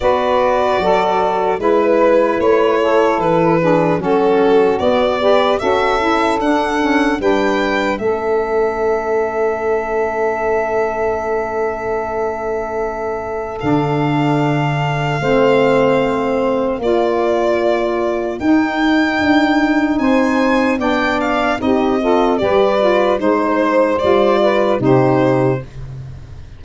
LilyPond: <<
  \new Staff \with { instrumentName = "violin" } { \time 4/4 \tempo 4 = 75 d''2 b'4 cis''4 | b'4 a'4 d''4 e''4 | fis''4 g''4 e''2~ | e''1~ |
e''4 f''2.~ | f''4 d''2 g''4~ | g''4 gis''4 g''8 f''8 dis''4 | d''4 c''4 d''4 c''4 | }
  \new Staff \with { instrumentName = "saxophone" } { \time 4/4 b'4 a'4 b'4. a'8~ | a'8 gis'8 fis'4. b'8 a'4~ | a'4 b'4 a'2~ | a'1~ |
a'2. c''4~ | c''4 ais'2.~ | ais'4 c''4 d''4 g'8 a'8 | b'4 c''4. b'8 g'4 | }
  \new Staff \with { instrumentName = "saxophone" } { \time 4/4 fis'2 e'2~ | e'8 d'8 cis'4 b8 g'8 fis'8 e'8 | d'8 cis'8 d'4 cis'2~ | cis'1~ |
cis'4 d'2 c'4~ | c'4 f'2 dis'4~ | dis'2 d'4 dis'8 f'8 | g'8 f'8 dis'4 f'4 dis'4 | }
  \new Staff \with { instrumentName = "tuba" } { \time 4/4 b4 fis4 gis4 a4 | e4 fis4 b4 cis'4 | d'4 g4 a2~ | a1~ |
a4 d2 a4~ | a4 ais2 dis'4 | d'4 c'4 b4 c'4 | g4 gis4 g4 c4 | }
>>